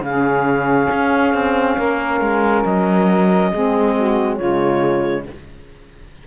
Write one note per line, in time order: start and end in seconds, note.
0.00 0.87 C#3
0.00 3.53 C#4
0.00 2.64 F5
0.06 1.77 G#4
0.91 1.34 C#4
1.34 1.77 C4
1.77 2.20 A#3
1.77 3.51 A#4
2.20 2.64 G#3
2.64 3.52 F#3
2.64 4.36 D#5
3.51 4.40 G#3
3.51 4.40 C4
3.51 3.95 G#4
3.96 4.36 F#4
4.36 5.27 C#3
4.36 5.27 G#3
4.36 5.23 F4
4.36 5.23 C#5